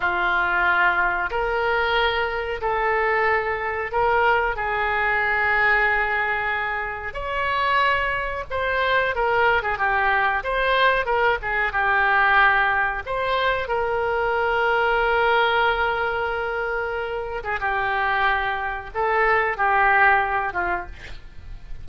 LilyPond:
\new Staff \with { instrumentName = "oboe" } { \time 4/4 \tempo 4 = 92 f'2 ais'2 | a'2 ais'4 gis'4~ | gis'2. cis''4~ | cis''4 c''4 ais'8. gis'16 g'4 |
c''4 ais'8 gis'8 g'2 | c''4 ais'2.~ | ais'2~ ais'8. gis'16 g'4~ | g'4 a'4 g'4. f'8 | }